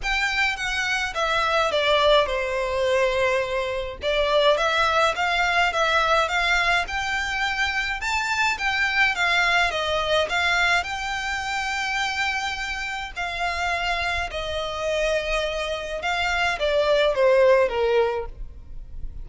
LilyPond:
\new Staff \with { instrumentName = "violin" } { \time 4/4 \tempo 4 = 105 g''4 fis''4 e''4 d''4 | c''2. d''4 | e''4 f''4 e''4 f''4 | g''2 a''4 g''4 |
f''4 dis''4 f''4 g''4~ | g''2. f''4~ | f''4 dis''2. | f''4 d''4 c''4 ais'4 | }